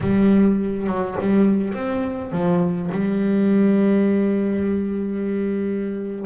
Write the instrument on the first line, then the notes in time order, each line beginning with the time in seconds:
double bass
0.00 G3
0.87 F#3
1.20 G3
1.73 C4
2.32 F3
2.91 G3